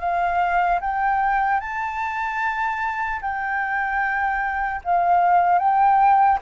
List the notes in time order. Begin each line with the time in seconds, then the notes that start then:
0.00 F5
0.81 G5
1.60 A5
3.21 G5
4.84 F5
5.59 G5